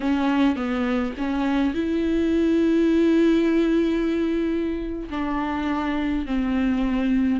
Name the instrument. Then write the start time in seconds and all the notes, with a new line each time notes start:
viola
0.00 C#4
0.55 B3
1.17 C#4
1.74 E4
5.10 D4
6.25 C4